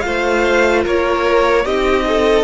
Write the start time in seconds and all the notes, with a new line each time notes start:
0.00 A3 F4 F5
0.06 C5
0.83 A#3 A#4 C#5
1.64 C4 D#4 G4 D#5
2.07 A4